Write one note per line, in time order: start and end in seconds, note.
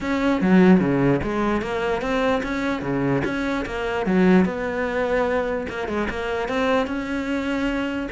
0.01 0.41 C#4
0.41 0.80 F#3
0.80 1.20 C#3
1.23 1.61 G#3
1.61 2.01 A#3
2.01 2.42 C4
2.43 2.82 C#4
2.82 3.22 C#3
3.24 3.65 C#4
3.65 4.05 A#3
4.05 4.45 F#3
4.45 5.66 B3
5.69 5.87 A#3
5.87 6.08 G#3
6.09 6.48 A#3
6.48 6.86 C4
6.86 8.08 C#4